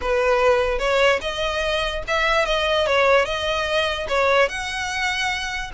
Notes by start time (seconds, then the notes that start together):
0.01 B4
0.78 C#5
1.21 D#5
2.07 E5
2.45 D#5
2.86 C#5
3.25 D#5
4.08 C#5
4.48 F#5